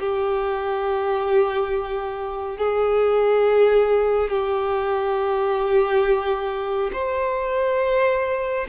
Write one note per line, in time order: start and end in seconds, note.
0.00 2.58 G4
2.58 4.30 G#4
4.30 6.91 G4
6.93 8.67 C5